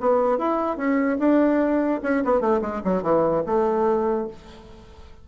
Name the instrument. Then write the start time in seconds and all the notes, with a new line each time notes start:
bassoon
0.00 B3
0.38 E4
0.77 C#4
1.19 D4
2.03 C#4
2.24 B3
2.40 A3
2.61 G#3
2.84 F#3
3.03 E3
3.46 A3